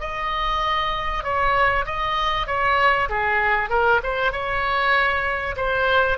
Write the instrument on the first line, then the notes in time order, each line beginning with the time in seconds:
oboe
0.00 D#5
1.23 C#5
1.86 D#5
2.47 C#5
3.09 G#4
3.70 A#4
4.03 C5
4.32 C#5
5.56 C5